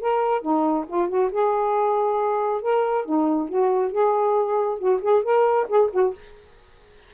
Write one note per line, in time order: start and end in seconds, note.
0.00 0.41 A#4
0.41 0.85 D#4
0.87 1.09 F4
1.09 1.31 F#4
1.31 2.61 G#4
2.61 3.05 A#4
3.05 3.48 D#4
3.48 3.91 F#4
3.91 4.78 G#4
4.78 5.00 F#4
5.01 5.23 G#4
5.23 5.67 A#4
5.68 5.90 G#4
5.92 6.14 F#4